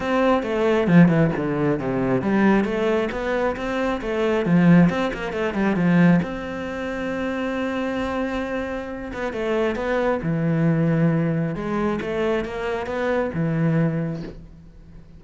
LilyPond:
\new Staff \with { instrumentName = "cello" } { \time 4/4 \tempo 4 = 135 c'4 a4 f8 e8 d4 | c4 g4 a4 b4 | c'4 a4 f4 c'8 ais8 | a8 g8 f4 c'2~ |
c'1~ | c'8 b8 a4 b4 e4~ | e2 gis4 a4 | ais4 b4 e2 | }